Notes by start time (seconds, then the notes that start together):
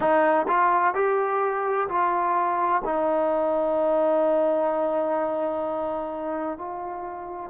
0.00 D#4
0.47 F4
0.94 G4
1.88 F4
2.84 D#4
6.58 F4